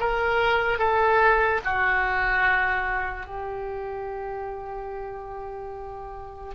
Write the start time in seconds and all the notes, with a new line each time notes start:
0.00 A#4
0.79 A4
1.65 F#4
3.27 G4